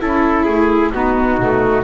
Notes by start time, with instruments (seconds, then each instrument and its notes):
0.00 double bass C#4, viola E4, saxophone E4, trumpet A4
0.44 double bass A3, trumpet G#4
0.92 double bass B3, viola B3, saxophone D#4, trumpet F#4
1.38 double bass B2, viola A3